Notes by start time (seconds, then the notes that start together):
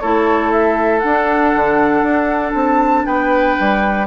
0.00 A3 E4 A4 C#5
0.52 E5
0.99 D4 F#5
1.55 D3
2.02 D4
2.54 C4 A5
3.06 B3 B4 G5
3.60 G3